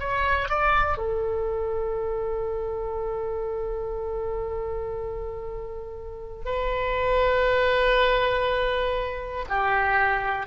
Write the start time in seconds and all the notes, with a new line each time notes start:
0.00 C#5
0.49 D5
0.98 A4
6.46 B4
9.49 G4